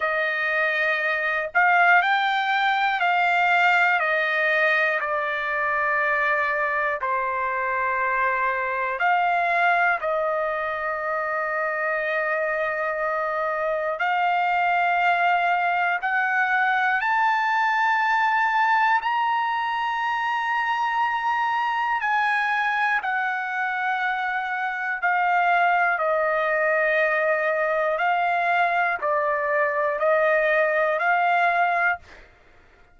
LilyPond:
\new Staff \with { instrumentName = "trumpet" } { \time 4/4 \tempo 4 = 60 dis''4. f''8 g''4 f''4 | dis''4 d''2 c''4~ | c''4 f''4 dis''2~ | dis''2 f''2 |
fis''4 a''2 ais''4~ | ais''2 gis''4 fis''4~ | fis''4 f''4 dis''2 | f''4 d''4 dis''4 f''4 | }